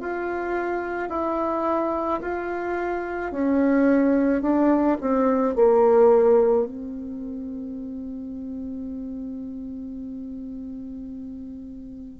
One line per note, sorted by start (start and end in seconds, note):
0.00 1.09 F4
1.09 2.20 E4
2.21 3.32 F4
3.32 4.42 C#4
4.42 4.97 D4
5.01 5.56 C4
5.56 6.66 A#3
6.66 12.20 C4